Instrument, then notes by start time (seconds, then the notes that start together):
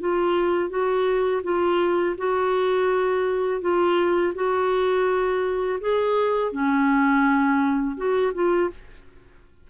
clarinet
0.00 F4
0.70 F#4
1.43 F4
2.17 F#4
3.61 F4
4.34 F#4
5.80 G#4
6.52 C#4
7.96 F#4
8.34 F4